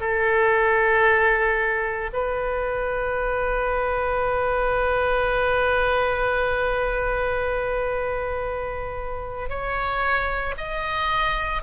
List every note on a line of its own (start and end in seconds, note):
0.00 2.11 A4
2.12 9.49 B4
9.49 10.55 C#5
10.57 11.62 D#5